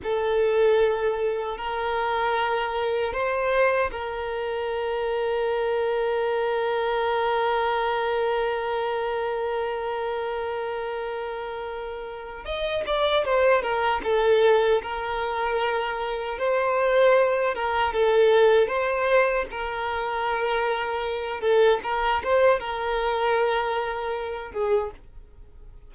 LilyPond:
\new Staff \with { instrumentName = "violin" } { \time 4/4 \tempo 4 = 77 a'2 ais'2 | c''4 ais'2.~ | ais'1~ | ais'1 |
dis''8 d''8 c''8 ais'8 a'4 ais'4~ | ais'4 c''4. ais'8 a'4 | c''4 ais'2~ ais'8 a'8 | ais'8 c''8 ais'2~ ais'8 gis'8 | }